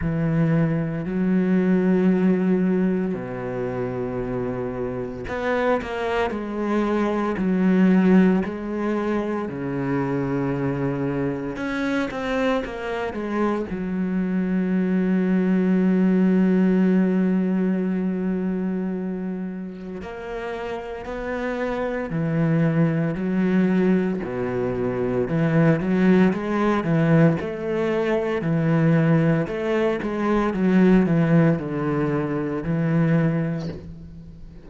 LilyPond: \new Staff \with { instrumentName = "cello" } { \time 4/4 \tempo 4 = 57 e4 fis2 b,4~ | b,4 b8 ais8 gis4 fis4 | gis4 cis2 cis'8 c'8 | ais8 gis8 fis2.~ |
fis2. ais4 | b4 e4 fis4 b,4 | e8 fis8 gis8 e8 a4 e4 | a8 gis8 fis8 e8 d4 e4 | }